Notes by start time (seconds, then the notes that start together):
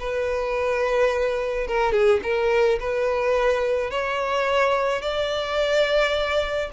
0.00 B4
1.67 A#4
1.92 G#4
2.23 A#4
2.80 B4
3.91 C#5
5.02 D5